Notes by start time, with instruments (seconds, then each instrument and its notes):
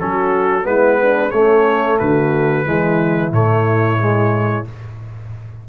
0.00 tuba F#3, trombone C#4, horn F#4, trumpet A4
0.63 tuba G#3, trombone B3, horn E4, trumpet B4
1.02 horn D4
1.31 tuba A3, trombone A3, horn C#4, trumpet C#5
1.99 tuba D3, horn F#4, trumpet B4
2.65 tuba E3, trombone G#3, horn E4
3.32 tuba A2, trombone A3, trumpet C#5
3.99 trombone G#3